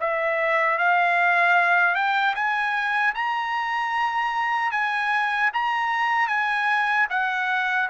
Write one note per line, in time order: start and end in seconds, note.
0.00 0.78 E5
0.78 1.95 F5
1.95 2.34 G5
2.35 3.14 G#5
3.15 4.72 A#5
4.72 5.50 G#5
5.53 6.28 A#5
6.28 7.07 G#5
7.10 7.89 F#5